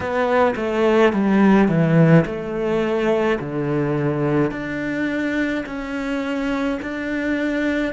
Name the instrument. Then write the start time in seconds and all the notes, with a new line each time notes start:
cello
0.00 B3
0.56 A3
1.13 G3
1.68 E3
2.25 A3
3.40 D3
4.51 D4
5.66 C#4
6.82 D4